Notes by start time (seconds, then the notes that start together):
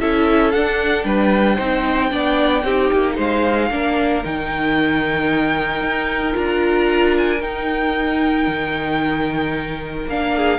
0.00 C#4 E4 A4 E5
0.51 D4 F#5
1.03 G3 B4 G5
1.55 C4 D#4 C5
2.10 B3 D4 D5
2.63 C4 D#4 G4
2.92 A#3
3.16 G#3 C5 F5
3.70 A#3 D4 A#4
4.24 D#3 D#4 G5
5.81 D#4
6.32 D4 F4 A#5
7.17 G#5
7.40 D#4 G5
8.47 D#3
10.07 A#3 D4 F5
10.35 G#4